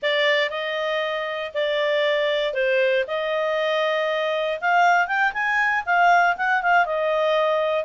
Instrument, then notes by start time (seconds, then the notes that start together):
clarinet
0.02 D5
0.50 D#5
1.53 D5
2.53 C5
3.07 D#5
4.61 F5
5.07 G5
5.33 G#5
5.85 F5
6.37 F#5
6.62 F5
6.85 D#5